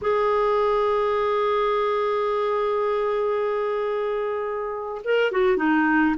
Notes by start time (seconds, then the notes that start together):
0.01 G#4
5.04 A#4
5.31 F#4
5.56 D#4